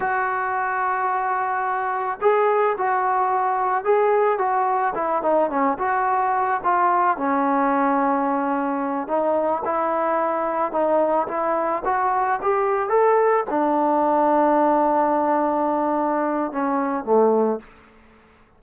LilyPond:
\new Staff \with { instrumentName = "trombone" } { \time 4/4 \tempo 4 = 109 fis'1 | gis'4 fis'2 gis'4 | fis'4 e'8 dis'8 cis'8 fis'4. | f'4 cis'2.~ |
cis'8 dis'4 e'2 dis'8~ | dis'8 e'4 fis'4 g'4 a'8~ | a'8 d'2.~ d'8~ | d'2 cis'4 a4 | }